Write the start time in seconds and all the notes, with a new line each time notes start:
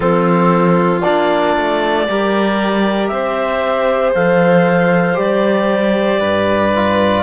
0.00 F3 C4 F4 A4
1.01 A#3 D4 D5
1.56 A3
2.08 G3 G4 A#4
3.07 C4 C5 E5
4.14 F3 A4 F5
5.14 G3 G4 D5
6.19 G2 B4
6.75 F4